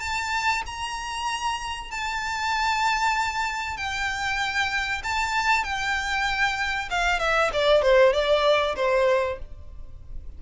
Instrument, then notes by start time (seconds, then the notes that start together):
violin
0.00 A5
0.66 A#5
1.91 A5
3.77 G5
5.04 A5
5.64 G5
6.90 F5
7.20 E5
7.53 D5
7.82 C5
8.13 D5
8.76 C5